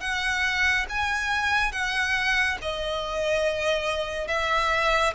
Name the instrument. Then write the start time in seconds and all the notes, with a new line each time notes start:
violin
0.00 F#5
0.89 G#5
1.72 F#5
2.61 D#5
4.27 E5